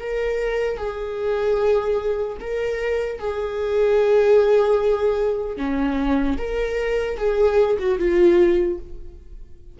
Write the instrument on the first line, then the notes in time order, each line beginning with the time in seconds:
viola
0.00 A#4
0.78 G#4
2.40 A#4
3.19 G#4
5.57 C#4
6.38 A#4
7.17 G#4
7.79 F#4
7.99 F4